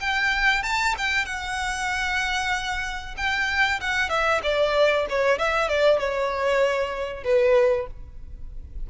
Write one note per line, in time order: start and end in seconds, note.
0.00 0.63 G5
0.63 0.94 A5
0.97 1.25 G5
1.25 3.15 F#5
3.17 3.80 G5
3.80 4.09 F#5
4.09 4.41 E5
4.43 5.06 D5
5.09 5.38 C#5
5.38 5.68 E5
5.68 5.99 D5
5.99 7.23 C#5
7.23 7.87 B4